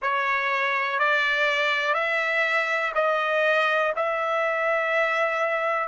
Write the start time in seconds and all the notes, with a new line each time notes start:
0.02 C#5
0.99 D5
1.94 E5
2.94 D#5
3.96 E5